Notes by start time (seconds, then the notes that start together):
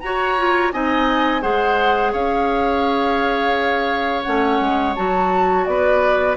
0.00 F#4 C#5 A#5
0.37 F4
0.72 C4 D#4 D#5 G#5
1.41 G#3 G#4 C5 F#5
2.12 C#4 C#5 F5
4.23 A3 C#4 F#5
4.60 G#3
4.95 F#3 F#4 A5
5.65 B3 B4 D5